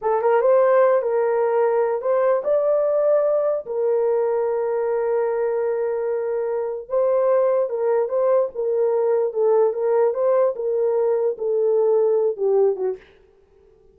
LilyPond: \new Staff \with { instrumentName = "horn" } { \time 4/4 \tempo 4 = 148 a'8 ais'8 c''4. ais'4.~ | ais'4 c''4 d''2~ | d''4 ais'2.~ | ais'1~ |
ais'4 c''2 ais'4 | c''4 ais'2 a'4 | ais'4 c''4 ais'2 | a'2~ a'8 g'4 fis'8 | }